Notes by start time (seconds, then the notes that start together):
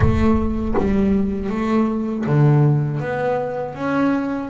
0.00 A3
0.77 G3
1.49 A3
2.26 D3
3.00 B3
3.75 C#4